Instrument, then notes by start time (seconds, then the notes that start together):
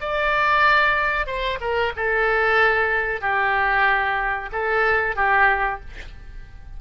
oboe
0.00 D5
1.26 C5
1.60 A#4
1.96 A4
3.21 G4
4.52 A4
5.15 G4